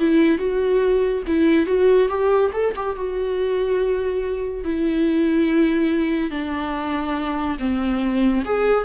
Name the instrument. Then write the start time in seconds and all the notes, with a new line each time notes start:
viola
0.00 E4
0.39 F#4
1.28 E4
1.67 F#4
2.09 G4
2.54 A4
2.77 G4
2.97 F#4
4.64 E4
6.31 D4
7.60 C4
8.45 G#4